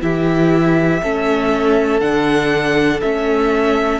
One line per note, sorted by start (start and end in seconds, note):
0.00 1.01 E3
0.00 1.00 E4
0.00 1.02 G4
0.00 2.00 E5
1.02 2.00 A3
1.02 2.01 C#4
1.02 3.99 A4
2.00 3.00 D3
2.00 3.01 D4
2.00 3.00 F#5
3.01 3.99 A3
3.01 3.99 C#4
3.01 3.99 E5